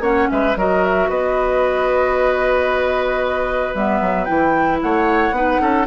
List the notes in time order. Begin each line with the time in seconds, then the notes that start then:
0.00 A#3 C#4 C#5 F#5
0.30 G#3 B4 E5
0.56 F#3 F#4 A#4 D#5
0.84 E5
1.09 B3 B4 D#5
3.74 G3 B3 E5
4.01 F#3
4.25 E3 E4 G5
4.81 A3 C#5 F#5
5.31 B3 D#4 B4
5.61 C#4 A4